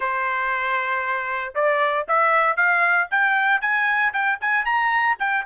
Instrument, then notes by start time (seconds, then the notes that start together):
trumpet
0.00 C5
1.54 D5
2.08 E5
2.56 F5
3.10 G5
3.61 G#5
4.13 G5
4.41 G#5
4.65 A#5
5.19 G5